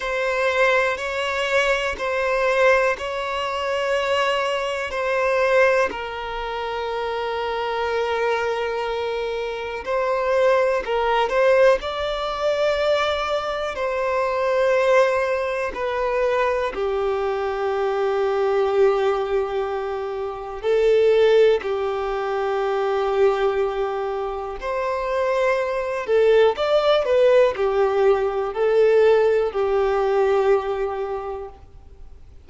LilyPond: \new Staff \with { instrumentName = "violin" } { \time 4/4 \tempo 4 = 61 c''4 cis''4 c''4 cis''4~ | cis''4 c''4 ais'2~ | ais'2 c''4 ais'8 c''8 | d''2 c''2 |
b'4 g'2.~ | g'4 a'4 g'2~ | g'4 c''4. a'8 d''8 b'8 | g'4 a'4 g'2 | }